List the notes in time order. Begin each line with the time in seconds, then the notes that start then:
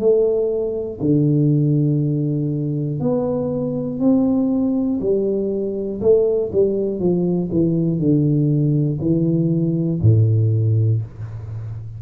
0.00 A3
1.01 D3
3.01 B3
4.00 C4
5.01 G3
6.01 A3
6.53 G3
7.00 F3
7.52 E3
7.99 D3
9.01 E3
10.02 A2